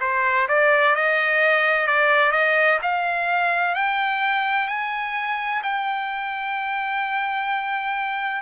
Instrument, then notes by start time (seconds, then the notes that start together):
trumpet
0.00 C5
0.48 D5
0.95 D#5
1.87 D5
2.32 D#5
2.82 F5
3.75 G5
4.68 G#5
5.63 G5